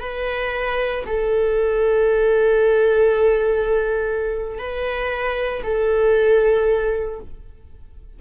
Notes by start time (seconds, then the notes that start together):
0.00 B4
1.06 A4
4.58 B4
5.63 A4